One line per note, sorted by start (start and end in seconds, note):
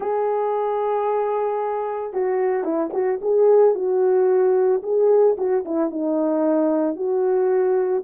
0.00 2.13 G#4
2.13 2.63 F#4
2.63 2.90 E4
2.93 3.20 F#4
3.21 3.74 G#4
3.74 4.81 F#4
4.82 5.36 G#4
5.37 5.64 F#4
5.65 5.90 E4
5.90 6.96 D#4
6.96 8.03 F#4